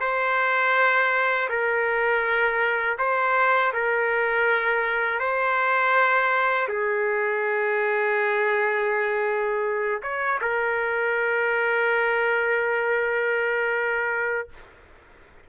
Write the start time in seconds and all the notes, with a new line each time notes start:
0.00 C5
1.49 A#4
2.98 C5
3.73 A#4
5.20 C5
6.68 G#4
10.02 C#5
10.41 A#4